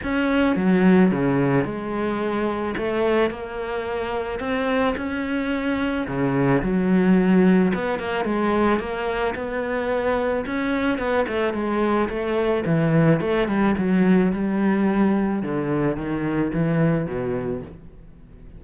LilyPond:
\new Staff \with { instrumentName = "cello" } { \time 4/4 \tempo 4 = 109 cis'4 fis4 cis4 gis4~ | gis4 a4 ais2 | c'4 cis'2 cis4 | fis2 b8 ais8 gis4 |
ais4 b2 cis'4 | b8 a8 gis4 a4 e4 | a8 g8 fis4 g2 | d4 dis4 e4 b,4 | }